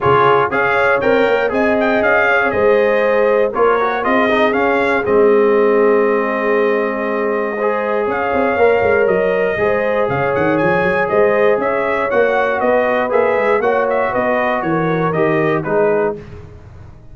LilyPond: <<
  \new Staff \with { instrumentName = "trumpet" } { \time 4/4 \tempo 4 = 119 cis''4 f''4 g''4 gis''8 g''8 | f''4 dis''2 cis''4 | dis''4 f''4 dis''2~ | dis''1 |
f''2 dis''2 | f''8 fis''8 gis''4 dis''4 e''4 | fis''4 dis''4 e''4 fis''8 e''8 | dis''4 cis''4 dis''4 b'4 | }
  \new Staff \with { instrumentName = "horn" } { \time 4/4 gis'4 cis''2 dis''4~ | dis''8 cis''8 c''2 ais'4 | gis'1~ | gis'2. c''4 |
cis''2. c''4 | cis''2 c''4 cis''4~ | cis''4 b'2 cis''4 | b'4 ais'2 gis'4 | }
  \new Staff \with { instrumentName = "trombone" } { \time 4/4 f'4 gis'4 ais'4 gis'4~ | gis'2. f'8 fis'8 | f'8 dis'8 cis'4 c'2~ | c'2. gis'4~ |
gis'4 ais'2 gis'4~ | gis'1 | fis'2 gis'4 fis'4~ | fis'2 g'4 dis'4 | }
  \new Staff \with { instrumentName = "tuba" } { \time 4/4 cis4 cis'4 c'8 ais8 c'4 | cis'4 gis2 ais4 | c'4 cis'4 gis2~ | gis1 |
cis'8 c'8 ais8 gis8 fis4 gis4 | cis8 dis8 f8 fis8 gis4 cis'4 | ais4 b4 ais8 gis8 ais4 | b4 e4 dis4 gis4 | }
>>